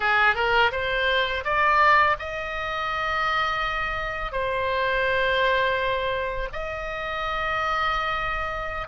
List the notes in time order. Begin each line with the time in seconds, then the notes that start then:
0.00 G#4
0.35 A#4
0.71 C5
1.44 D5
2.19 D#5
4.32 C5
6.52 D#5